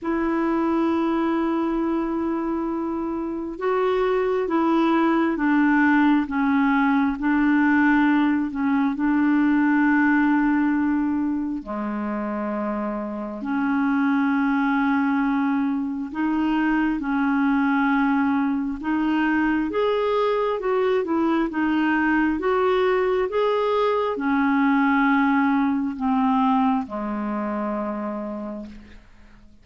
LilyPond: \new Staff \with { instrumentName = "clarinet" } { \time 4/4 \tempo 4 = 67 e'1 | fis'4 e'4 d'4 cis'4 | d'4. cis'8 d'2~ | d'4 gis2 cis'4~ |
cis'2 dis'4 cis'4~ | cis'4 dis'4 gis'4 fis'8 e'8 | dis'4 fis'4 gis'4 cis'4~ | cis'4 c'4 gis2 | }